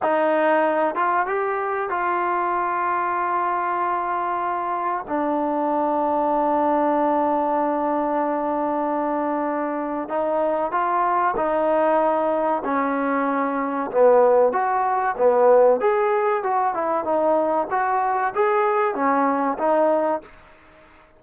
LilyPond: \new Staff \with { instrumentName = "trombone" } { \time 4/4 \tempo 4 = 95 dis'4. f'8 g'4 f'4~ | f'1 | d'1~ | d'1 |
dis'4 f'4 dis'2 | cis'2 b4 fis'4 | b4 gis'4 fis'8 e'8 dis'4 | fis'4 gis'4 cis'4 dis'4 | }